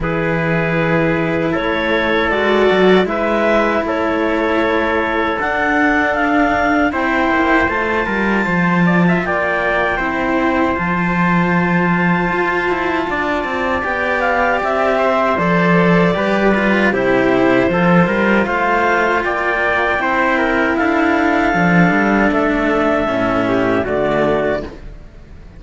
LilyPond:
<<
  \new Staff \with { instrumentName = "clarinet" } { \time 4/4 \tempo 4 = 78 b'2 cis''4 d''4 | e''4 cis''2 fis''4 | f''4 g''4 a''2 | g''2 a''2~ |
a''2 g''8 f''8 e''4 | d''2 c''2 | f''4 g''2 f''4~ | f''4 e''2 d''4 | }
  \new Staff \with { instrumentName = "trumpet" } { \time 4/4 gis'2 a'2 | b'4 a'2.~ | a'4 c''4. ais'8 c''8 d''16 e''16 | d''4 c''2.~ |
c''4 d''2~ d''8 c''8~ | c''4 b'4 g'4 a'8 ais'8 | c''4 d''4 c''8 ais'8 a'4~ | a'2~ a'8 g'8 fis'4 | }
  \new Staff \with { instrumentName = "cello" } { \time 4/4 e'2. fis'4 | e'2. d'4~ | d'4 e'4 f'2~ | f'4 e'4 f'2~ |
f'2 g'2 | a'4 g'8 f'8 e'4 f'4~ | f'2 e'2 | d'2 cis'4 a4 | }
  \new Staff \with { instrumentName = "cello" } { \time 4/4 e2 a4 gis8 fis8 | gis4 a2 d'4~ | d'4 c'8 ais8 a8 g8 f4 | ais4 c'4 f2 |
f'8 e'8 d'8 c'8 b4 c'4 | f4 g4 c4 f8 g8 | a4 ais4 c'4 d'4 | f8 g8 a4 a,4 d4 | }
>>